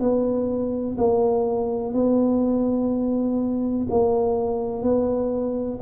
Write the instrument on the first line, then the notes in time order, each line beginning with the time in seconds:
tuba
0.00 B3
0.98 A#3
1.94 B3
3.90 A#3
4.83 B3